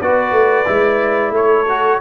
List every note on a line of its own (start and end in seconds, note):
0.00 0.31 B3
0.00 0.66 F#4
0.00 1.33 B4
0.00 1.34 D5
0.31 0.65 A3
0.66 1.30 G#3
0.66 1.66 E4
1.30 1.97 A3
1.30 2.00 A4
1.30 2.00 C#5
1.68 2.00 F#4